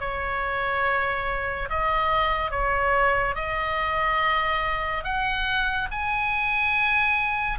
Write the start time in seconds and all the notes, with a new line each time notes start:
0.00 C#5
1.70 D#5
2.51 C#5
3.35 D#5
5.04 F#5
5.92 G#5